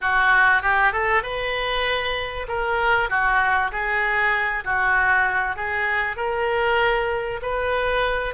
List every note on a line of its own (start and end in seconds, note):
0.01 0.62 F#4
0.62 0.92 G4
0.92 1.23 A4
1.23 2.46 B4
2.47 3.09 A#4
3.09 3.71 F#4
3.71 4.64 G#4
4.64 5.56 F#4
5.56 6.16 G#4
6.16 7.40 A#4
7.42 8.34 B4